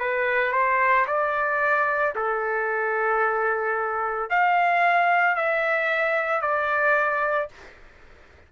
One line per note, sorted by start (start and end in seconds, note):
0.00 0.52 B4
0.52 1.06 C5
1.07 2.14 D5
2.15 4.30 A4
4.30 5.36 F5
5.36 6.41 E5
6.41 7.49 D5